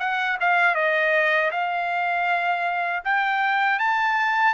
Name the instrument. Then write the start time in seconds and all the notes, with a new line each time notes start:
trumpet
0.00 F#5
0.41 F5
0.75 D#5
1.52 F5
3.05 G5
3.80 A5